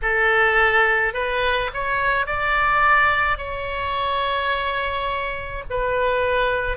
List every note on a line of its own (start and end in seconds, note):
0.02 1.13 A4
1.13 1.70 B4
1.73 2.26 C#5
2.26 3.37 D5
3.37 5.63 C#5
5.70 6.77 B4